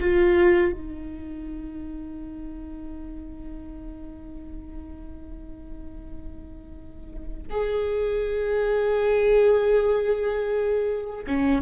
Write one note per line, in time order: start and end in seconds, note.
0.00 0.73 F4
0.73 7.48 D#4
7.50 11.25 G#4
11.27 11.62 C#4